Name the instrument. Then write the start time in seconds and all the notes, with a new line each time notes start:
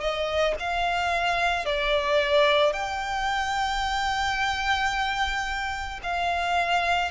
violin
0.00 D#5
0.59 F5
1.65 D5
2.73 G5
6.02 F5